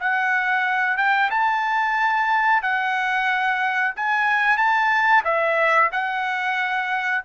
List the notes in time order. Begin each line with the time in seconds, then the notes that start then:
0.00 F#5
0.97 G5
1.30 A5
2.63 F#5
3.96 G#5
4.57 A5
5.24 E5
5.92 F#5